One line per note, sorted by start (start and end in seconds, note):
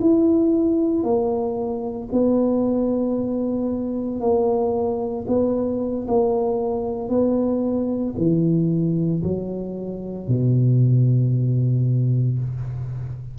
0.00 1.03 E4
1.03 2.09 A#3
2.12 4.20 B3
4.20 5.25 A#3
5.27 6.06 B3
6.08 7.09 A#3
7.09 8.14 B3
8.17 9.22 E3
9.23 10.28 F#3
10.28 12.38 B2